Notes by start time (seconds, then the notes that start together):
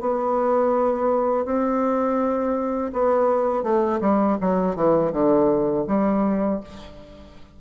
0.00 B3
1.45 C4
2.93 B3
3.63 A3
4.00 G3
4.40 F#3
4.75 E3
5.12 D3
5.87 G3